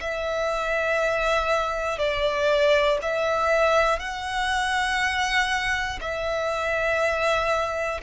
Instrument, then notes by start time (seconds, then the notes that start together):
violin
0.00 E5
1.98 D5
3.01 E5
3.99 F#5
6.00 E5